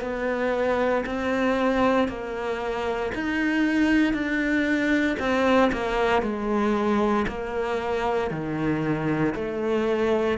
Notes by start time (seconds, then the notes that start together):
0.00 B3
1.05 C4
2.08 A#3
3.14 D#4
4.13 D4
5.19 C4
5.72 A#3
6.22 G#3
7.27 A#3
8.30 D#3
9.34 A3